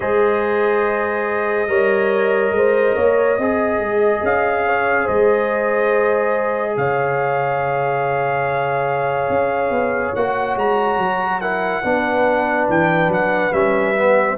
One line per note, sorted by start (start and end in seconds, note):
0.00 1.67 G#3
0.00 1.68 G#4
0.00 1.69 C5
0.00 4.22 D#5
1.67 2.51 G3
1.67 3.37 A#4
1.67 2.53 C#5
2.51 2.93 G#3
2.51 2.95 C5
2.95 3.38 A#3
2.95 3.37 C#5
3.37 3.78 C4
3.37 10.16 G#4
3.37 4.64 D#5
3.78 4.21 G#3
4.22 5.07 C#4
4.22 5.07 F5
4.66 5.04 C#5
5.04 6.77 G#3
5.04 6.73 C5
5.04 6.76 D#5
6.77 9.29 C#3
6.77 11.40 C#5
6.77 10.15 F5
9.29 9.70 C#4
9.70 10.12 B3
10.15 10.56 A#3
10.15 11.41 F#4
10.15 10.57 F#5
10.56 10.97 G#3
10.56 11.40 A#5
10.97 11.82 F#3
11.40 11.83 E4
11.40 11.82 A#4
11.40 12.67 F#5
11.83 12.68 B3
11.83 13.52 D4
11.83 14.36 B4
12.69 13.07 E3
12.69 13.12 G5
13.07 13.49 F#3
13.07 13.52 F#5
13.52 14.37 G3
13.52 13.94 C#4
13.52 14.37 E5
13.95 14.37 B3